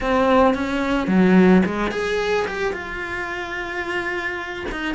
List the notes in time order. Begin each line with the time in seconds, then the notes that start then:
0.01 C4
0.54 C#4
1.07 F#3
1.65 G#3
1.91 G#4
2.47 G4
2.72 F4
4.71 D#4